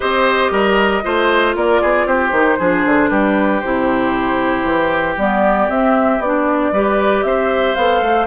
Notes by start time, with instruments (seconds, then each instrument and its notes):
0.00 bassoon C4, clarinet G4, oboe C5, flute D#5
0.51 bassoon G3, oboe A#4
1.03 bassoon A3, clarinet F4, oboe C5
1.55 bassoon A#3, oboe A#4, flute D5
1.81 bassoon B3, oboe G#4
2.05 bassoon C4, oboe G4, flute C5
2.31 bassoon D#3, clarinet D#4
2.58 bassoon F3, clarinet D4, oboe G#4
2.85 bassoon D3
3.08 bassoon G3, oboe G4, flute B4
3.60 bassoon C3, clarinet E4, flute C5
4.63 bassoon E3
5.17 bassoon G3, clarinet B3, flute D5
5.69 clarinet C4, bassoon C4, flute E5
6.19 bassoon B3, clarinet D4, flute D5
6.72 bassoon G3, clarinet G4, oboe B4
7.23 bassoon C4, oboe C5, flute E5
7.75 bassoon B3, clarinet A4, flute F5
8.01 bassoon A3